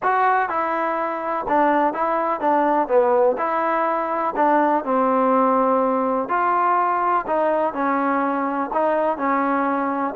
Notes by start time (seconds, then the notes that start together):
0.02 F#4
0.49 E4
1.48 D4
1.93 E4
2.40 D4
2.88 B3
3.37 E4
4.36 D4
4.84 C4
6.28 F4
7.26 D#4
7.73 C#4
8.73 D#4
9.17 C#4